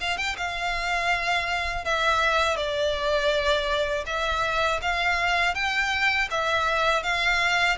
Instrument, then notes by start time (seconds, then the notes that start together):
violin
0.00 F5
0.17 G5
0.36 F5
1.84 E5
2.56 D5
4.06 E5
4.81 F5
5.54 G5
6.30 E5
7.03 F5